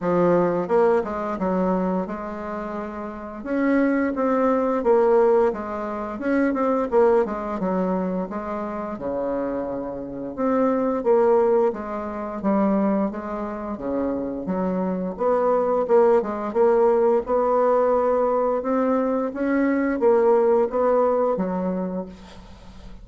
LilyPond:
\new Staff \with { instrumentName = "bassoon" } { \time 4/4 \tempo 4 = 87 f4 ais8 gis8 fis4 gis4~ | gis4 cis'4 c'4 ais4 | gis4 cis'8 c'8 ais8 gis8 fis4 | gis4 cis2 c'4 |
ais4 gis4 g4 gis4 | cis4 fis4 b4 ais8 gis8 | ais4 b2 c'4 | cis'4 ais4 b4 fis4 | }